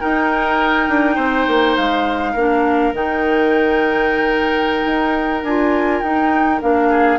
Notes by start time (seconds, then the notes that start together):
0.00 D#4 A#4 G5
0.89 D4
1.15 C4 C5
1.47 A#3
1.76 G#3 F5
2.33 A#3 D4 A#4
2.93 D#3 D#4 G5
4.85 D#4
5.43 D4 F4 G#5
6.01 D#4 G5
6.61 A#3 D4 F5
6.89 G#4